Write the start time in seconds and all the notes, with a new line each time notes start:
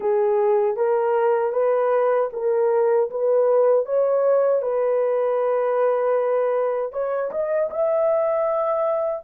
0.00 G#4
0.76 A#4
1.52 B4
2.33 A#4
3.10 B4
3.85 C#5
4.62 B4
6.92 C#5
7.31 D#5
7.70 E5